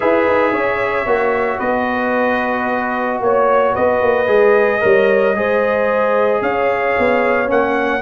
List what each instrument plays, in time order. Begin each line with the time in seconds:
0.00 tuba E4, trombone G#4, horn B4, trumpet E5
0.27 tuba D#4
0.52 tuba C#4, horn C#5
1.06 tuba A#3, trombone F#4
1.58 tuba B3, horn B4, trumpet D#5
3.20 tuba A#3, horn C#5, trumpet C#5
3.73 tuba B3, horn B4, trumpet D#5
4.01 tuba A#3
4.27 tuba G#3, trombone G#4
4.80 tuba G3, trombone A#4, horn C#5
5.35 tuba G#3, trombone G#4, horn C5
6.41 tuba C#4, horn C#5, trumpet F5
6.98 tuba B3
7.46 tuba A#3, trombone C#4, trumpet F#5